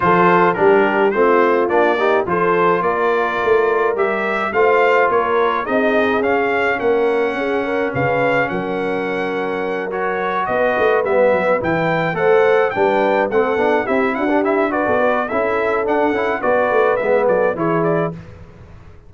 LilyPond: <<
  \new Staff \with { instrumentName = "trumpet" } { \time 4/4 \tempo 4 = 106 c''4 ais'4 c''4 d''4 | c''4 d''2 e''4 | f''4 cis''4 dis''4 f''4 | fis''2 f''4 fis''4~ |
fis''4. cis''4 dis''4 e''8~ | e''8 g''4 fis''4 g''4 fis''8~ | fis''8 e''8 fis''8 e''8 d''4 e''4 | fis''4 d''4 e''8 d''8 cis''8 d''8 | }
  \new Staff \with { instrumentName = "horn" } { \time 4/4 a'4 g'4 f'4. g'8 | a'4 ais'2. | c''4 ais'4 gis'2 | ais'4 gis'8 ais'8 b'4 ais'4~ |
ais'2~ ais'8 b'4.~ | b'4. c''4 b'4 a'8~ | a'8 g'8 fis'16 g'8. b'16 a'16 b'8 a'4~ | a'4 b'4. a'8 gis'4 | }
  \new Staff \with { instrumentName = "trombone" } { \time 4/4 f'4 d'4 c'4 d'8 dis'8 | f'2. g'4 | f'2 dis'4 cis'4~ | cis'1~ |
cis'4. fis'2 b8~ | b8 e'4 a'4 d'4 c'8 | d'8 e'8. d'16 e'8 fis'4 e'4 | d'8 e'8 fis'4 b4 e'4 | }
  \new Staff \with { instrumentName = "tuba" } { \time 4/4 f4 g4 a4 ais4 | f4 ais4 a4 g4 | a4 ais4 c'4 cis'4 | ais4 cis'4 cis4 fis4~ |
fis2~ fis8 b8 a8 g8 | fis8 e4 a4 g4 a8 | b8 c'8 d'4~ d'16 b8. cis'4 | d'8 cis'8 b8 a8 gis8 fis8 e4 | }
>>